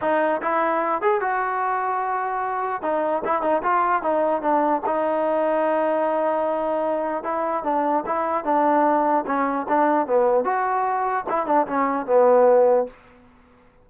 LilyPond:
\new Staff \with { instrumentName = "trombone" } { \time 4/4 \tempo 4 = 149 dis'4 e'4. gis'8 fis'4~ | fis'2. dis'4 | e'8 dis'8 f'4 dis'4 d'4 | dis'1~ |
dis'2 e'4 d'4 | e'4 d'2 cis'4 | d'4 b4 fis'2 | e'8 d'8 cis'4 b2 | }